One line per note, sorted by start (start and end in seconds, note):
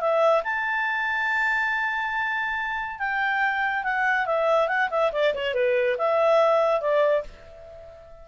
0.00 0.43 E5
0.44 2.98 A5
2.98 3.83 G5
3.83 4.26 F#5
4.26 4.68 E5
4.68 4.89 F#5
4.90 5.11 E5
5.12 5.33 D5
5.34 5.54 C#5
5.54 5.96 B4
5.98 6.81 E5
6.81 7.23 D5